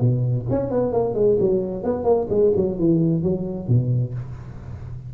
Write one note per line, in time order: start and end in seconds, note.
0.00 0.46 B2
0.50 0.70 C#4
0.70 0.92 B3
0.92 1.14 A#3
1.14 1.37 G#3
1.40 1.83 F#3
1.83 2.04 B3
2.04 2.27 A#3
2.29 2.52 G#3
2.55 2.78 F#3
2.78 3.22 E3
3.22 3.68 F#3
3.68 4.14 B2